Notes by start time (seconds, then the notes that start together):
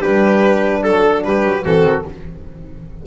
0.00 G3 D4 G4 B4
0.83 F#3 A4
1.24 G3 G4 B4
1.44 F#3
1.65 E3 C4 F#4 A4
1.85 D#3